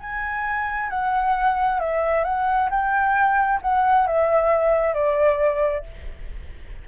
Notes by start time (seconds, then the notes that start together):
0.00 G#5
0.89 F#5
1.79 E5
2.24 F#5
2.70 G5
3.61 F#5
4.06 E5
4.93 D5